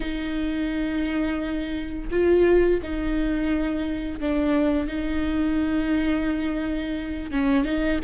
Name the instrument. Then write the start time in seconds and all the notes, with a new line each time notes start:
viola
0.00 D#4
2.11 F4
2.82 D#4
4.20 D4
4.87 D#4
7.31 C#4
7.64 D#4